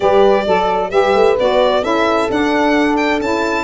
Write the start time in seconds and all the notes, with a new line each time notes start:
0.00 G3 G4 B4 D5
0.46 F#3 A4
0.90 G3 G4 B4 E5
1.14 A3
1.39 B3 F#4 D5
1.82 C#4 E4 A4 E5
2.29 D4 F#5
2.96 G5
3.20 C#4 E4 A5